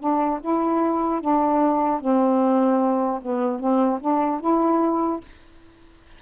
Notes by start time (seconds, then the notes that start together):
0.00 D4
0.41 E4
1.21 D4
2.01 C4
3.22 B3
3.60 C4
4.01 D4
4.41 E4